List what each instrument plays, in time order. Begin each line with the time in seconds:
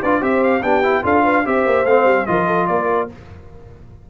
0.00 tuba D4, trombone F4, horn B4, trumpet D5
0.20 tuba C4, trombone G4, horn C5, trumpet E5
0.43 trumpet F5
0.62 tuba B3, trombone D4, horn G4, trumpet G5
0.83 trombone E4
1.03 tuba D4, trombone F4, horn A4, trumpet F5
1.23 horn B4
1.44 tuba C4, trombone G4, horn C5, trumpet E5
1.66 tuba A#3
1.84 tuba A3, trombone C4, trumpet F5
2.04 tuba G3
2.26 tuba F3, trombone F4, horn A#4, trumpet D#5
2.46 horn A4
2.67 tuba A#3, horn A#4, trumpet D5